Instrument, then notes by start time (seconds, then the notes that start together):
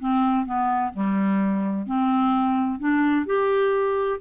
clarinet
0.00 C4
0.46 B3
0.94 G3
1.87 C4
2.80 D4
3.27 G4